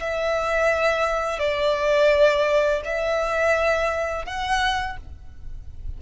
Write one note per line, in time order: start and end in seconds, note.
0.00 1.39 E5
1.39 2.82 D5
2.85 4.26 E5
4.26 4.97 F#5